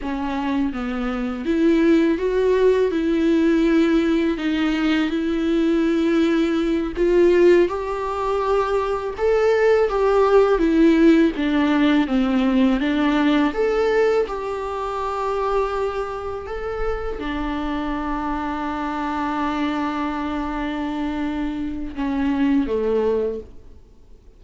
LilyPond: \new Staff \with { instrumentName = "viola" } { \time 4/4 \tempo 4 = 82 cis'4 b4 e'4 fis'4 | e'2 dis'4 e'4~ | e'4. f'4 g'4.~ | g'8 a'4 g'4 e'4 d'8~ |
d'8 c'4 d'4 a'4 g'8~ | g'2~ g'8 a'4 d'8~ | d'1~ | d'2 cis'4 a4 | }